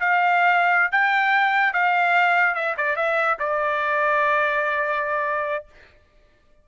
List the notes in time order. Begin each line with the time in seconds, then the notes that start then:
0.00 F5
0.92 G5
1.73 F5
2.54 E5
2.77 D5
2.96 E5
3.39 D5